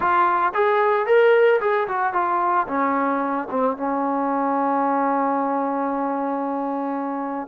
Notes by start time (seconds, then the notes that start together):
0.00 F4
0.54 G#4
1.06 A#4
1.60 G#4
1.87 F#4
2.13 F4
2.67 C#4
3.50 C4
3.76 C#4